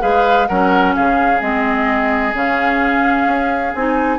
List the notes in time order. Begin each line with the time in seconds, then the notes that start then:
0.00 G#3 G#4 B4 F5
0.47 F#3 C#4 A#4 F#5
0.95 C#3 G#4 F5
1.41 G#3 C4 D#5
2.34 C#3 C#4 F5
3.26 C#4
3.75 C4 D#4 G#5